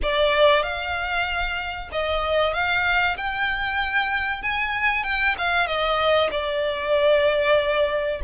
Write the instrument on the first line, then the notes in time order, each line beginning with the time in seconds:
violin
0.02 D5
0.63 F5
1.91 D#5
2.53 F5
3.17 G5
4.42 G#5
5.03 G5
5.38 F5
5.66 D#5
6.31 D5